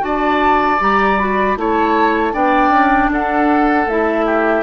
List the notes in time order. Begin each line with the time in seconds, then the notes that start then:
0.00 D4 F#4 D5 A5
0.79 G3 G4 A#5
1.18 F#4 B5
1.56 A3 E4 C#5 A5
2.33 B3 D4 D5 G5
2.69 C#4
3.10 D4 A4 F#5
3.86 A3 E4 E5
4.25 G4